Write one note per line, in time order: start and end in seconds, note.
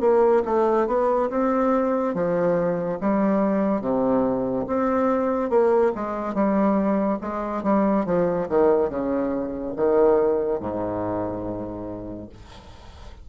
0.00 0.42 A#3
0.45 0.86 A3
0.86 1.29 B3
1.29 2.14 C4
2.14 2.98 F3
3.00 3.81 G3
3.81 4.65 C3
4.67 5.49 C4
5.49 5.92 A#3
5.95 6.34 G#3
6.34 7.18 G3
7.21 7.63 G#3
7.63 8.05 G3
8.05 8.47 F3
8.49 8.89 D#3
8.89 9.73 C#3
9.76 10.59 D#3
10.59 12.28 G#2